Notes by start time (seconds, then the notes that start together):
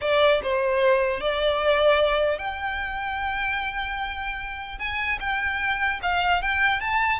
0.01 D5
0.43 C5
1.20 D5
2.38 G5
4.78 G#5
5.19 G5
6.02 F5
6.41 G5
6.80 A5